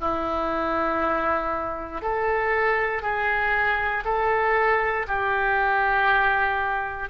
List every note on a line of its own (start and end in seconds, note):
0.00 2.02 E4
2.02 3.02 A4
3.02 4.04 G#4
4.04 5.06 A4
5.07 7.09 G4